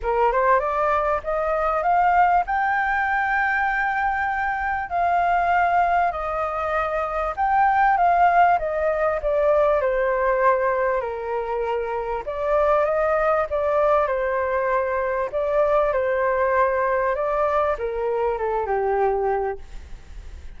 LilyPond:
\new Staff \with { instrumentName = "flute" } { \time 4/4 \tempo 4 = 98 ais'8 c''8 d''4 dis''4 f''4 | g''1 | f''2 dis''2 | g''4 f''4 dis''4 d''4 |
c''2 ais'2 | d''4 dis''4 d''4 c''4~ | c''4 d''4 c''2 | d''4 ais'4 a'8 g'4. | }